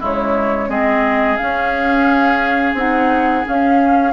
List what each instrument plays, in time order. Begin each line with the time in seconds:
0.00 bassoon C#3, clarinet G#3, oboe E4, flute C#5
0.68 bassoon G#3, clarinet C4, oboe G#4, flute D#5
1.37 clarinet C#4, bassoon C#4, flute F5
2.74 bassoon C4, clarinet D#4, flute F#5
3.44 clarinet C#4, bassoon C#4, flute F5